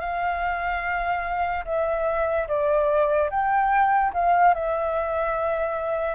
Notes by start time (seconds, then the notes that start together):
0.00 F5
1.65 E5
2.48 D5
3.30 G5
4.14 F5
4.54 E5